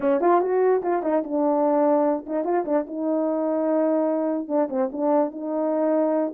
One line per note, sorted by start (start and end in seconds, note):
0.00 0.21 C#4
0.21 0.41 F4
0.41 0.82 F#4
0.82 1.02 F4
1.03 1.23 D#4
1.23 2.25 D4
2.26 2.44 D#4
2.44 2.65 F4
2.65 2.85 D4
2.86 4.48 D#4
4.48 4.68 D4
4.69 4.89 C4
4.91 5.31 D4
5.31 6.33 D#4